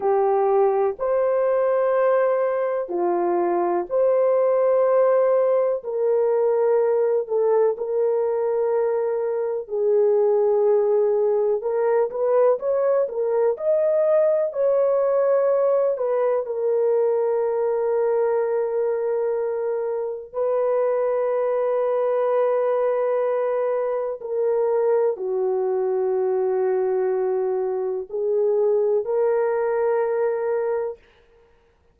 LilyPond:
\new Staff \with { instrumentName = "horn" } { \time 4/4 \tempo 4 = 62 g'4 c''2 f'4 | c''2 ais'4. a'8 | ais'2 gis'2 | ais'8 b'8 cis''8 ais'8 dis''4 cis''4~ |
cis''8 b'8 ais'2.~ | ais'4 b'2.~ | b'4 ais'4 fis'2~ | fis'4 gis'4 ais'2 | }